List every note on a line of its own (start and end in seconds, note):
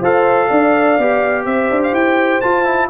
0.00 0.49 F4
0.00 1.00 A4
0.00 0.48 C5
0.00 1.46 F5
0.48 0.99 D4
0.48 1.45 D5
0.99 1.46 B3
0.99 2.43 G4
1.46 1.70 C4
1.46 2.90 C5
1.46 1.82 E5
1.71 1.93 D4
1.84 1.95 F5
1.93 2.41 E4
1.93 2.41 G5
2.41 2.65 F4
2.41 2.90 F4
2.41 2.89 A5
2.65 2.89 E4